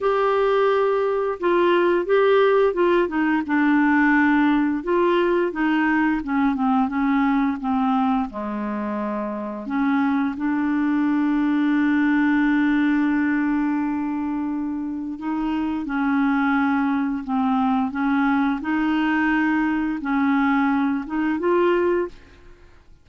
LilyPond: \new Staff \with { instrumentName = "clarinet" } { \time 4/4 \tempo 4 = 87 g'2 f'4 g'4 | f'8 dis'8 d'2 f'4 | dis'4 cis'8 c'8 cis'4 c'4 | gis2 cis'4 d'4~ |
d'1~ | d'2 dis'4 cis'4~ | cis'4 c'4 cis'4 dis'4~ | dis'4 cis'4. dis'8 f'4 | }